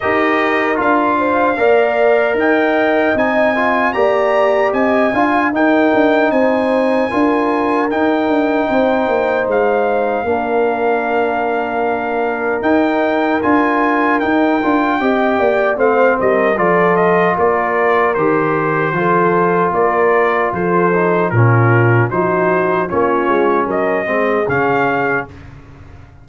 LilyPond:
<<
  \new Staff \with { instrumentName = "trumpet" } { \time 4/4 \tempo 4 = 76 dis''4 f''2 g''4 | gis''4 ais''4 gis''4 g''4 | gis''2 g''2 | f''1 |
g''4 gis''4 g''2 | f''8 dis''8 d''8 dis''8 d''4 c''4~ | c''4 d''4 c''4 ais'4 | c''4 cis''4 dis''4 f''4 | }
  \new Staff \with { instrumentName = "horn" } { \time 4/4 ais'4. c''8 d''4 dis''4~ | dis''4 d''4 dis''8 f''8 ais'4 | c''4 ais'2 c''4~ | c''4 ais'2.~ |
ais'2. dis''8 d''8 | c''8 ais'8 a'4 ais'2 | a'4 ais'4 a'4 f'4 | fis'4 f'4 ais'8 gis'4. | }
  \new Staff \with { instrumentName = "trombone" } { \time 4/4 g'4 f'4 ais'2 | dis'8 f'8 g'4. f'8 dis'4~ | dis'4 f'4 dis'2~ | dis'4 d'2. |
dis'4 f'4 dis'8 f'8 g'4 | c'4 f'2 g'4 | f'2~ f'8 dis'8 cis'4 | dis'4 cis'4. c'8 cis'4 | }
  \new Staff \with { instrumentName = "tuba" } { \time 4/4 dis'4 d'4 ais4 dis'4 | c'4 ais4 c'8 d'8 dis'8 d'8 | c'4 d'4 dis'8 d'8 c'8 ais8 | gis4 ais2. |
dis'4 d'4 dis'8 d'8 c'8 ais8 | a8 g8 f4 ais4 dis4 | f4 ais4 f4 ais,4 | f4 ais8 gis8 fis8 gis8 cis4 | }
>>